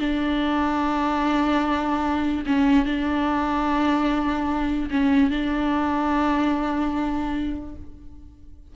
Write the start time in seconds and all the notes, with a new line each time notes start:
0.00 D4
2.46 C#4
2.86 D4
4.91 C#4
5.31 D4